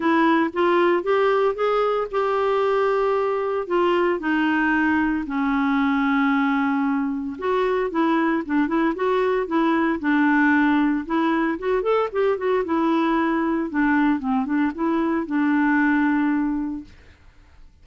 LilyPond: \new Staff \with { instrumentName = "clarinet" } { \time 4/4 \tempo 4 = 114 e'4 f'4 g'4 gis'4 | g'2. f'4 | dis'2 cis'2~ | cis'2 fis'4 e'4 |
d'8 e'8 fis'4 e'4 d'4~ | d'4 e'4 fis'8 a'8 g'8 fis'8 | e'2 d'4 c'8 d'8 | e'4 d'2. | }